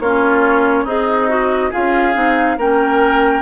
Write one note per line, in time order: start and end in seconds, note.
0.00 0.85 A#3
0.00 0.88 C#4
0.00 0.84 F4
0.00 0.86 C#5
0.84 1.71 C4
0.84 1.70 D#4
0.84 1.29 G#4
0.84 1.72 D#5
1.29 1.72 F#4
1.71 2.16 C#4
1.71 2.14 F4
1.71 2.56 G#4
1.71 2.59 F5
2.14 2.58 C4
2.14 2.57 D#4
2.58 3.42 A#3
2.58 3.42 C#4
2.58 3.42 A#4
2.58 3.42 G5